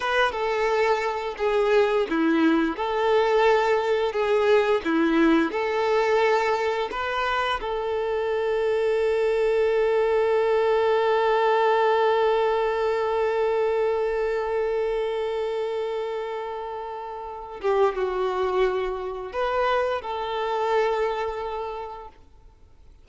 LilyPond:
\new Staff \with { instrumentName = "violin" } { \time 4/4 \tempo 4 = 87 b'8 a'4. gis'4 e'4 | a'2 gis'4 e'4 | a'2 b'4 a'4~ | a'1~ |
a'1~ | a'1~ | a'4. g'8 fis'2 | b'4 a'2. | }